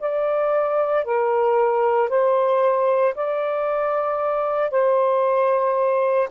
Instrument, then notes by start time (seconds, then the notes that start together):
saxophone
0.00 D5
1.05 A#4
2.09 C5
3.15 D5
4.71 C5